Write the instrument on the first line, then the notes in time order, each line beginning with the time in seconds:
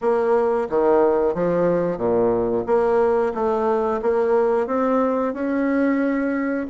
bassoon
0.01 A#3
0.69 D#3
1.34 F3
1.97 A#2
2.66 A#3
3.34 A3
4.02 A#3
4.66 C4
5.33 C#4